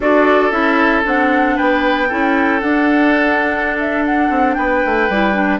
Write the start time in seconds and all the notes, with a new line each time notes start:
0.00 D4 F#4 A4 D5
0.51 C#4 E4 E5
1.03 C4 D4 F#5
1.56 B3 B4 G5
2.08 C#4 E4 A4
2.60 D4 F#5
3.78 E5
4.05 F#5
4.29 C4
4.54 B3 B4 G5
4.85 A3
5.09 G3 E4
5.33 D4